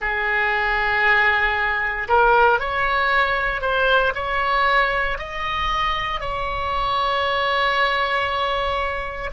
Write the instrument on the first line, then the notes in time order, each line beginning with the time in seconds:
oboe
0.00 G#4
2.08 A#4
2.59 C#5
3.61 C5
4.14 C#5
5.18 D#5
6.20 C#5